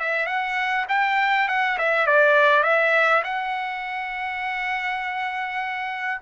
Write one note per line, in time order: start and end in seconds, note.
0.00 0.27 E5
0.27 0.86 F#5
0.89 1.49 G5
1.49 1.78 F#5
1.79 2.07 E5
2.07 2.64 D5
2.64 3.23 E5
3.24 6.21 F#5